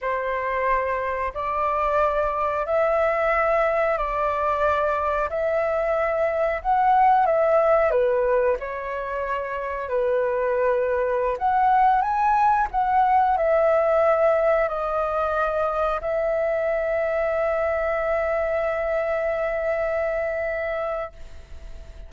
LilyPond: \new Staff \with { instrumentName = "flute" } { \time 4/4 \tempo 4 = 91 c''2 d''2 | e''2 d''2 | e''2 fis''4 e''4 | b'4 cis''2 b'4~ |
b'4~ b'16 fis''4 gis''4 fis''8.~ | fis''16 e''2 dis''4.~ dis''16~ | dis''16 e''2.~ e''8.~ | e''1 | }